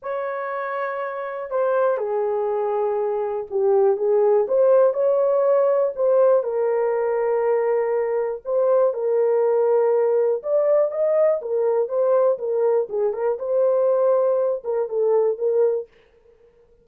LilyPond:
\new Staff \with { instrumentName = "horn" } { \time 4/4 \tempo 4 = 121 cis''2. c''4 | gis'2. g'4 | gis'4 c''4 cis''2 | c''4 ais'2.~ |
ais'4 c''4 ais'2~ | ais'4 d''4 dis''4 ais'4 | c''4 ais'4 gis'8 ais'8 c''4~ | c''4. ais'8 a'4 ais'4 | }